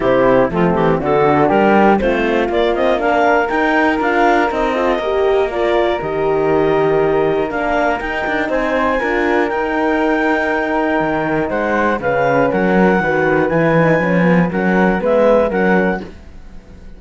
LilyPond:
<<
  \new Staff \with { instrumentName = "clarinet" } { \time 4/4 \tempo 4 = 120 g'4 f'8 g'8 a'4 ais'4 | c''4 d''8 dis''8 f''4 g''4 | f''4 dis''2 d''4 | dis''2. f''4 |
g''4 gis''2 g''4~ | g''2. fis''4 | f''4 fis''2 gis''4~ | gis''4 fis''4 e''4 fis''4 | }
  \new Staff \with { instrumentName = "flute" } { \time 4/4 e'4 c'4 fis'4 g'4 | f'2 ais'2~ | ais'4. a'8 ais'2~ | ais'1~ |
ais'4 c''4 ais'2~ | ais'2. c''4 | b'4 ais'4 b'2~ | b'4 ais'4 b'4 ais'4 | }
  \new Staff \with { instrumentName = "horn" } { \time 4/4 c'4 a4 d'2 | c'4 ais8 c'8 d'4 dis'4 | f'4 dis'8 f'8 g'4 f'4 | g'2. d'4 |
dis'2 f'4 dis'4~ | dis'1 | cis'2 fis'4 e'8 dis'8 | cis'8 b8 cis'4 b4 cis'4 | }
  \new Staff \with { instrumentName = "cello" } { \time 4/4 c4 f8 e8 d4 g4 | a4 ais2 dis'4 | d'4 c'4 ais2 | dis2. ais4 |
dis'8 d'8 c'4 d'4 dis'4~ | dis'2 dis4 gis4 | cis4 fis4 dis4 e4 | f4 fis4 gis4 fis4 | }
>>